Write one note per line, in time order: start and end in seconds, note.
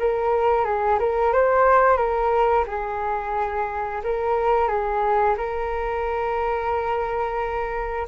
0.00 0.66 A#4
0.66 0.99 G#4
1.00 1.33 A#4
1.33 1.98 C5
1.98 2.65 A#4
2.68 4.02 G#4
4.04 4.69 A#4
4.69 5.36 G#4
5.38 8.07 A#4